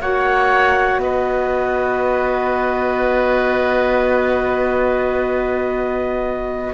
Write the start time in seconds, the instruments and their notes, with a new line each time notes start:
0.00 cello A#3, saxophone F#4, oboe C#5, clarinet F#5
0.98 cello B3, oboe B4, clarinet D#5